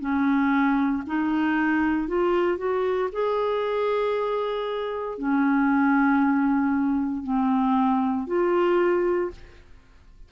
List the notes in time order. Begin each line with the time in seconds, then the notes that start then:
0.00 C#4
1.07 D#4
2.08 F4
2.58 F#4
3.12 G#4
5.19 C#4
7.24 C4
8.27 F4